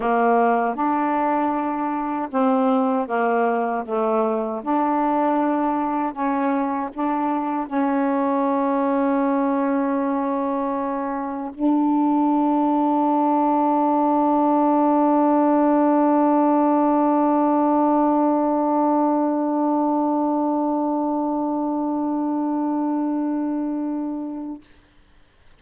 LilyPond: \new Staff \with { instrumentName = "saxophone" } { \time 4/4 \tempo 4 = 78 ais4 d'2 c'4 | ais4 a4 d'2 | cis'4 d'4 cis'2~ | cis'2. d'4~ |
d'1~ | d'1~ | d'1~ | d'1 | }